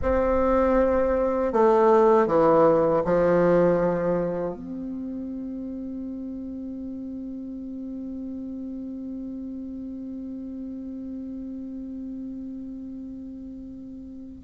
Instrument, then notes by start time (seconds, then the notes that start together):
bassoon
0.01 C4
1.53 A3
2.26 E3
3.04 F3
4.54 C4